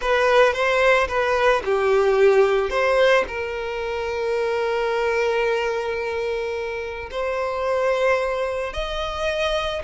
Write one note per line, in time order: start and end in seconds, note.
0.01 0.53 B4
0.53 1.07 C5
1.08 1.62 B4
1.65 2.70 G4
2.70 3.24 C5
3.27 7.09 A#4
7.10 8.73 C5
8.73 9.82 D#5